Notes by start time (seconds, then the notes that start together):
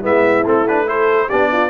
0.00 G#3 B3 E4 E5
0.45 A3 C4 A4
0.68 D4 B4
0.87 E4 A4 C5
1.29 B3 D4 G4 D5
1.52 F4